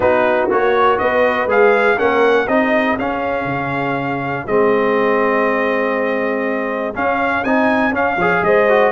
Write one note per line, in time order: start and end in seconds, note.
0.00 0.49 B3
0.00 0.49 D#4
0.00 0.98 F#4
0.00 0.49 B4
0.49 0.99 A#3
0.49 1.48 F#4
0.49 0.98 C#5
0.98 1.45 B3
0.98 1.98 B4
0.98 1.48 D#5
1.45 1.95 G#3
1.45 1.97 G#4
1.45 1.98 F5
1.97 2.47 A#3
1.97 2.47 C#4
1.97 2.46 A#4
1.97 2.47 F#5
2.46 2.97 C4
2.46 2.98 D#4
2.46 8.16 G#4
2.46 2.97 D#5
2.98 3.45 C#4
2.98 4.47 C#4
2.98 4.47 F5
3.45 4.44 C#3
4.46 6.94 G#3
4.46 6.94 C4
4.46 6.95 D#5
6.94 7.43 C#4
6.94 7.44 C#4
6.94 7.43 F5
7.43 7.92 C4
7.43 7.92 D#4
7.43 7.93 G#5
7.92 8.17 C#4
7.92 8.16 C#4
7.92 8.44 F5
8.16 8.41 F3
8.16 8.69 G#4
8.16 8.41 C#5
8.42 8.91 G#3
8.42 8.91 C5
8.42 8.91 D#5
8.69 8.91 F#4